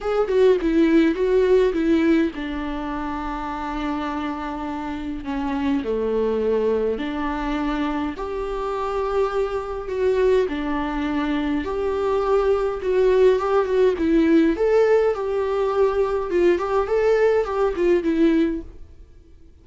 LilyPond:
\new Staff \with { instrumentName = "viola" } { \time 4/4 \tempo 4 = 103 gis'8 fis'8 e'4 fis'4 e'4 | d'1~ | d'4 cis'4 a2 | d'2 g'2~ |
g'4 fis'4 d'2 | g'2 fis'4 g'8 fis'8 | e'4 a'4 g'2 | f'8 g'8 a'4 g'8 f'8 e'4 | }